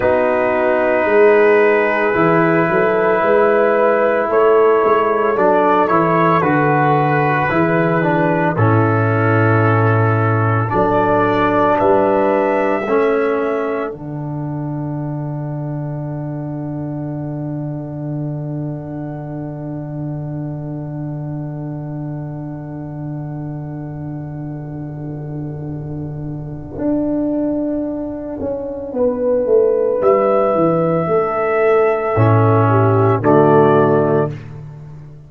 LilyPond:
<<
  \new Staff \with { instrumentName = "trumpet" } { \time 4/4 \tempo 4 = 56 b'1 | cis''4 d''8 cis''8 b'2 | a'2 d''4 e''4~ | e''4 fis''2.~ |
fis''1~ | fis''1~ | fis''1 | e''2. d''4 | }
  \new Staff \with { instrumentName = "horn" } { \time 4/4 fis'4 gis'4. a'8 b'4 | a'2. gis'4 | e'2 a'4 b'4 | a'1~ |
a'1~ | a'1~ | a'2. b'4~ | b'4 a'4. g'8 fis'4 | }
  \new Staff \with { instrumentName = "trombone" } { \time 4/4 dis'2 e'2~ | e'4 d'8 e'8 fis'4 e'8 d'8 | cis'2 d'2 | cis'4 d'2.~ |
d'1~ | d'1~ | d'1~ | d'2 cis'4 a4 | }
  \new Staff \with { instrumentName = "tuba" } { \time 4/4 b4 gis4 e8 fis8 gis4 | a8 gis8 fis8 e8 d4 e4 | a,2 fis4 g4 | a4 d2.~ |
d1~ | d1~ | d4 d'4. cis'8 b8 a8 | g8 e8 a4 a,4 d4 | }
>>